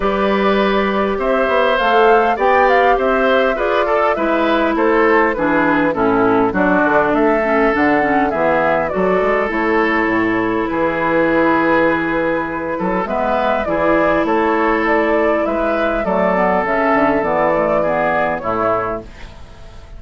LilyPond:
<<
  \new Staff \with { instrumentName = "flute" } { \time 4/4 \tempo 4 = 101 d''2 e''4 f''4 | g''8 f''8 e''4 d''4 e''4 | c''4 b'4 a'4 d''4 | e''4 fis''4 e''4 d''4 |
cis''2 b'2~ | b'2 e''4 d''4 | cis''4 d''4 e''4 d''4 | e''4 d''2 cis''4 | }
  \new Staff \with { instrumentName = "oboe" } { \time 4/4 b'2 c''2 | d''4 c''4 b'8 a'8 b'4 | a'4 gis'4 e'4 fis'4 | a'2 gis'4 a'4~ |
a'2 gis'2~ | gis'4. a'8 b'4 gis'4 | a'2 b'4 a'4~ | a'2 gis'4 e'4 | }
  \new Staff \with { instrumentName = "clarinet" } { \time 4/4 g'2. a'4 | g'2 gis'8 a'8 e'4~ | e'4 d'4 cis'4 d'4~ | d'8 cis'8 d'8 cis'8 b4 fis'4 |
e'1~ | e'2 b4 e'4~ | e'2. a8 b8 | cis'4 b8 a8 b4 a4 | }
  \new Staff \with { instrumentName = "bassoon" } { \time 4/4 g2 c'8 b8 a4 | b4 c'4 f'4 gis4 | a4 e4 a,4 fis8 d8 | a4 d4 e4 fis8 gis8 |
a4 a,4 e2~ | e4. fis8 gis4 e4 | a2 gis4 fis4 | cis8 d8 e2 a,4 | }
>>